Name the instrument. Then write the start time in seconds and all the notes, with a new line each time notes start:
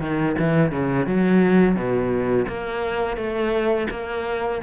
cello
0.00 D#3
0.39 E3
0.71 C#3
1.06 F#3
1.75 B2
2.48 A#3
3.16 A3
3.90 A#3